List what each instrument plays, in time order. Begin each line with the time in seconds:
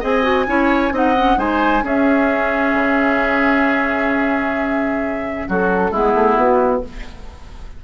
0.00 bassoon C4, clarinet G#4, oboe D#5, flute G#5
0.23 clarinet F#4
0.47 bassoon C#4, clarinet E4, oboe C#5
0.91 bassoon C4, clarinet D#4, oboe D#5, flute F#5
1.16 clarinet C#4
1.37 bassoon G#3, clarinet D#4, oboe C5, flute G#5
1.83 bassoon C#4, clarinet C#4, oboe G#4, flute E5
2.73 bassoon C#3
5.48 bassoon F#3, oboe F#4, flute A4
5.91 bassoon G#3, clarinet B3, oboe E4, flute G#4
6.14 bassoon A3
6.36 bassoon B3, flute F#4